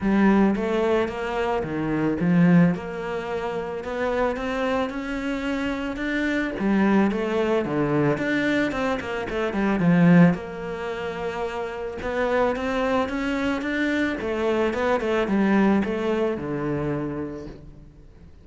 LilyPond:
\new Staff \with { instrumentName = "cello" } { \time 4/4 \tempo 4 = 110 g4 a4 ais4 dis4 | f4 ais2 b4 | c'4 cis'2 d'4 | g4 a4 d4 d'4 |
c'8 ais8 a8 g8 f4 ais4~ | ais2 b4 c'4 | cis'4 d'4 a4 b8 a8 | g4 a4 d2 | }